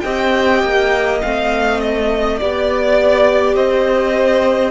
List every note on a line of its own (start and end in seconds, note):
0.00 0.63 C4
0.00 1.21 G4
0.00 2.37 D#5
0.00 1.18 G5
0.63 1.22 A#3
1.21 2.41 A3
1.21 2.40 C4
1.21 1.80 F5
1.80 2.39 D#5
2.37 3.54 B3
2.37 4.71 G4
2.37 3.55 D5
3.54 4.71 C4
3.54 4.71 C5
3.54 4.71 D#5